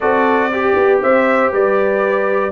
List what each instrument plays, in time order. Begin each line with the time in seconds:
0.00 tuba C4, trombone F#4, horn A4, trumpet D5
0.51 horn G4, trombone G4
0.75 tuba B3
1.01 tuba C4, horn C5, trumpet E5
1.51 tuba G3, horn B4, trumpet D5